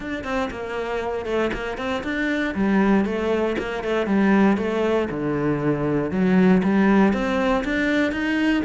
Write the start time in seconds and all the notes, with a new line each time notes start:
0.00 D4
0.24 C4
0.51 A#3
1.25 A3
1.53 A#3
1.77 C4
2.03 D4
2.54 G3
3.05 A3
3.58 A#3
3.83 A3
4.06 G3
4.57 A3
5.10 D3
6.11 F#3
6.63 G3
7.13 C4
7.64 D4
8.11 D#4